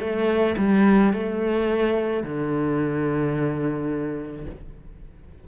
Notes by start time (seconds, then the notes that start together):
0.00 A3
0.58 G3
1.13 A3
2.23 D3